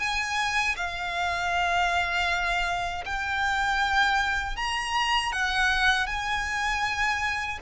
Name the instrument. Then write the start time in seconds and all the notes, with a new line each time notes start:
violin
0.00 G#5
0.77 F5
3.06 G5
4.57 A#5
5.33 F#5
6.07 G#5